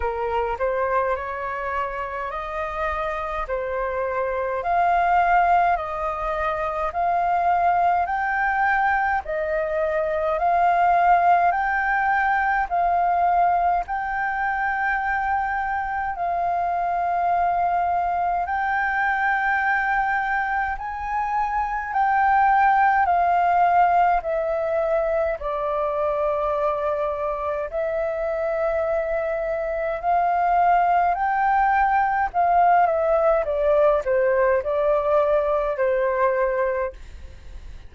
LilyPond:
\new Staff \with { instrumentName = "flute" } { \time 4/4 \tempo 4 = 52 ais'8 c''8 cis''4 dis''4 c''4 | f''4 dis''4 f''4 g''4 | dis''4 f''4 g''4 f''4 | g''2 f''2 |
g''2 gis''4 g''4 | f''4 e''4 d''2 | e''2 f''4 g''4 | f''8 e''8 d''8 c''8 d''4 c''4 | }